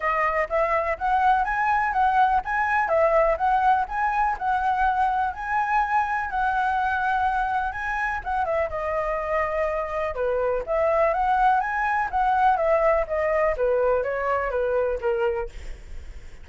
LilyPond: \new Staff \with { instrumentName = "flute" } { \time 4/4 \tempo 4 = 124 dis''4 e''4 fis''4 gis''4 | fis''4 gis''4 e''4 fis''4 | gis''4 fis''2 gis''4~ | gis''4 fis''2. |
gis''4 fis''8 e''8 dis''2~ | dis''4 b'4 e''4 fis''4 | gis''4 fis''4 e''4 dis''4 | b'4 cis''4 b'4 ais'4 | }